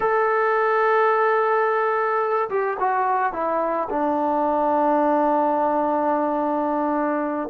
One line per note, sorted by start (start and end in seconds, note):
0.00 2.49 A4
2.49 2.77 G4
2.79 3.32 F#4
3.32 3.88 E4
3.89 7.49 D4